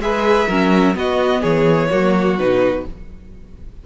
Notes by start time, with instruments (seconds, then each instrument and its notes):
0.00 cello G#3, viola G#4, violin B4 E5
0.49 cello F#3, viola C#4, violin A#4
0.95 viola B3, cello B3, violin F#4 D#5
1.42 cello E3, violin G#4 C#5
1.90 cello F#3, viola A#3, violin F#4
2.39 cello B2, viola D#4, violin B4